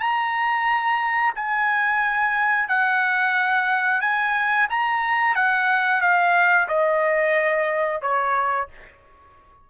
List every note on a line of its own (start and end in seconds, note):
0.00 1.33 A#5
1.35 2.68 G#5
2.68 4.01 F#5
4.01 4.68 G#5
4.69 5.35 A#5
5.35 6.01 F#5
6.01 6.68 F5
6.68 8.01 D#5
8.01 8.68 C#5